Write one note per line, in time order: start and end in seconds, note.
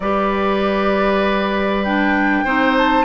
0.00 2.42 G3
0.00 1.86 G4
0.00 2.44 B4
0.00 1.84 D5
1.84 2.46 D4
1.84 2.76 G5
2.44 3.04 C4
2.44 3.04 D#4
2.44 3.04 C5
2.77 3.04 A5